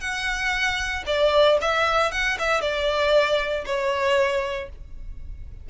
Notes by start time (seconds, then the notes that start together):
0.00 F#5
1.06 D5
1.61 E5
2.11 F#5
2.39 E5
2.61 D5
3.66 C#5